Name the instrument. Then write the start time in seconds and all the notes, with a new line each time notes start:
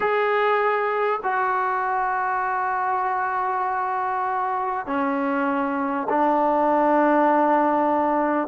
trombone
0.00 G#4
1.23 F#4
4.86 C#4
6.09 D4